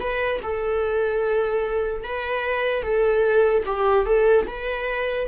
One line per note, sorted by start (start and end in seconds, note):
0.00 0.41 B4
0.43 2.04 A4
2.04 2.83 B4
2.83 3.64 A4
3.66 4.06 G4
4.06 4.46 A4
4.47 5.28 B4